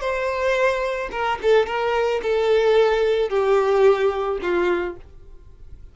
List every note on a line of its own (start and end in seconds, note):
0.00 1.09 C5
1.11 1.38 A#4
1.42 1.66 A4
1.66 2.21 A#4
2.22 3.29 A4
3.29 4.38 G4
4.42 4.96 F4